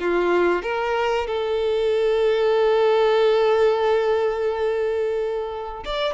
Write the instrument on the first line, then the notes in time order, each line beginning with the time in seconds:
violin
0.00 F4
0.63 A#4
1.27 A4
5.85 D5